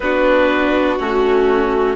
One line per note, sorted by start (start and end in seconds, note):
0.00 0.98 B3
0.00 0.99 D4
0.00 1.95 F#4
0.00 0.97 B4
0.99 1.95 A3
0.99 1.95 C#4
0.99 1.95 F#4